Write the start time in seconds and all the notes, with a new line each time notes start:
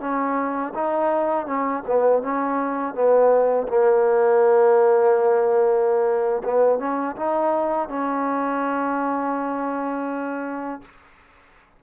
0.00 C#4
0.75 D#4
1.47 C#4
1.87 B3
2.22 C#4
2.94 B3
3.68 A#3
6.44 B3
6.79 C#4
7.16 D#4
7.89 C#4